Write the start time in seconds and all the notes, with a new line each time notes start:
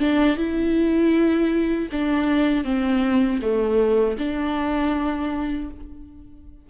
0.00 D4
0.37 E4
1.92 D4
2.64 C4
3.42 A3
4.18 D4